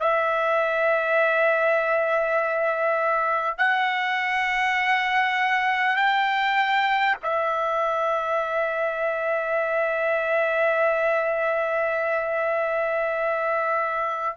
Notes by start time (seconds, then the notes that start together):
0.00 E5
3.58 F#5
5.96 G5
7.23 E5